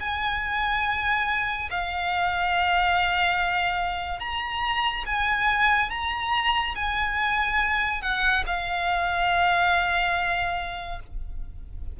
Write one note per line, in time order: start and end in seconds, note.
0.00 1.69 G#5
1.71 4.20 F5
4.20 5.04 A#5
5.06 5.90 G#5
5.90 6.75 A#5
6.75 8.02 G#5
8.02 8.44 F#5
8.47 11.00 F5